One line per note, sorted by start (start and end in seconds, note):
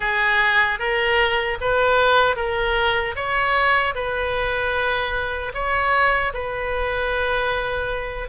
0.00 0.79 G#4
0.79 1.58 A#4
1.60 2.36 B4
2.36 3.15 A#4
3.15 3.94 C#5
3.94 5.52 B4
5.54 6.33 C#5
6.33 8.28 B4